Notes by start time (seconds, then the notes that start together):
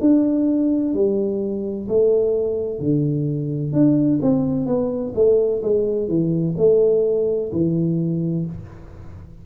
0.00 D4
0.94 G3
1.88 A3
2.79 D3
3.72 D4
4.21 C4
4.66 B3
5.15 A3
5.62 G#3
6.08 E3
6.58 A3
7.52 E3